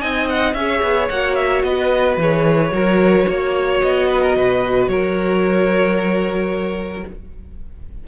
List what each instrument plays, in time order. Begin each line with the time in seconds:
0.00 cello C4, viola D#4, violin D#5 G#5
0.29 violin F#5
0.53 cello C#4, viola G#4, violin E5
0.60 violin C#5
0.82 cello B3
1.09 cello A#3, viola F#4, violin F#5
1.35 violin E5
1.63 cello B3, violin B4 D#5
2.17 cello E3, viola G#4, violin C#5
2.71 cello F#3, viola F#4, violin A#4
3.27 cello A#3, violin C#5
3.81 cello B3, violin D#5
4.08 violin B4
4.22 violin A#4
4.36 cello B2, violin B4
4.87 cello F#3, violin A#4 C#5